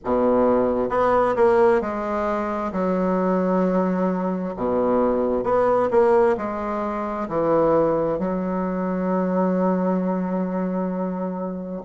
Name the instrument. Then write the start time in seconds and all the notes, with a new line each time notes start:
bassoon
0.04 B2
0.89 B3
1.36 A#3
1.81 G#3
2.72 F#3
4.56 B2
5.43 B3
5.90 A#3
6.37 G#3
7.28 E3
8.18 F#3